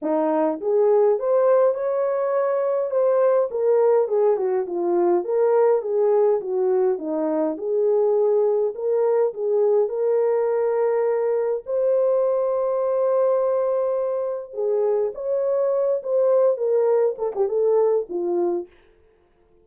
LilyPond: \new Staff \with { instrumentName = "horn" } { \time 4/4 \tempo 4 = 103 dis'4 gis'4 c''4 cis''4~ | cis''4 c''4 ais'4 gis'8 fis'8 | f'4 ais'4 gis'4 fis'4 | dis'4 gis'2 ais'4 |
gis'4 ais'2. | c''1~ | c''4 gis'4 cis''4. c''8~ | c''8 ais'4 a'16 g'16 a'4 f'4 | }